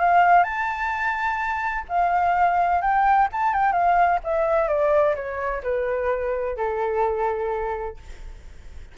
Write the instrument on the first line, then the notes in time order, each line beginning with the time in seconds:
flute
0.00 F5
0.44 A5
1.89 F5
2.82 G5
3.33 A5
3.54 G5
3.73 F5
4.24 E5
4.69 D5
5.16 C#5
5.63 B4
6.57 A4